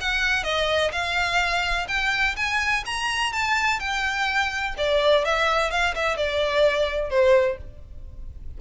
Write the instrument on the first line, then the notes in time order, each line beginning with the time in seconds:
violin
0.00 F#5
0.43 D#5
0.92 F5
1.88 G5
2.36 G#5
2.85 A#5
3.32 A5
3.79 G5
4.77 D5
5.24 E5
5.70 F5
5.94 E5
6.16 D5
7.10 C5